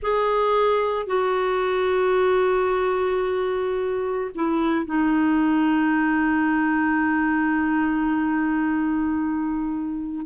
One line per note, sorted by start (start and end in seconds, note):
0.02 1.06 G#4
1.06 4.30 F#4
4.34 4.85 E4
4.85 10.26 D#4